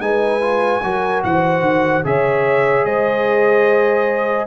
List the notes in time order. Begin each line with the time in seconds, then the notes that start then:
0.00 G#3 D#4 B4 G#5
0.41 F4
0.83 F#3 F#4 A#4
1.24 E3 C5 F#5
1.61 D#3
2.05 C#3 G#4 C#5 E5
2.85 G#3 C5 D#5